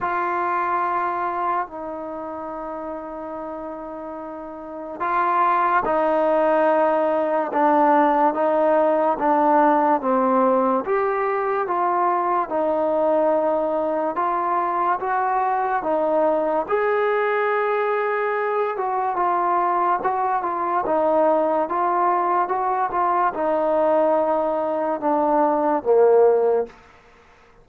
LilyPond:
\new Staff \with { instrumentName = "trombone" } { \time 4/4 \tempo 4 = 72 f'2 dis'2~ | dis'2 f'4 dis'4~ | dis'4 d'4 dis'4 d'4 | c'4 g'4 f'4 dis'4~ |
dis'4 f'4 fis'4 dis'4 | gis'2~ gis'8 fis'8 f'4 | fis'8 f'8 dis'4 f'4 fis'8 f'8 | dis'2 d'4 ais4 | }